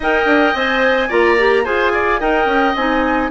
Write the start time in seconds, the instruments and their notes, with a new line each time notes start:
0.00 bassoon D#4, clarinet A#4, oboe D#5, flute G5
0.25 bassoon D4
0.54 bassoon C4, clarinet C5, flute G#5
1.08 bassoon A#3, clarinet F4, oboe D5, flute A#5
1.38 clarinet G4
1.64 bassoon F4, clarinet G#4, oboe C5, flute G#5
1.92 oboe D5
2.19 bassoon D#4, clarinet A#4, oboe D#5, flute G5
2.45 bassoon C#4
2.75 bassoon C4, clarinet D#4, flute G#5